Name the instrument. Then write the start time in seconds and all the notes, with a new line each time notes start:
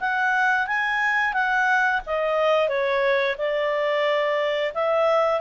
clarinet
0.00 F#5
0.67 G#5
1.34 F#5
2.07 D#5
2.69 C#5
3.38 D5
4.75 E5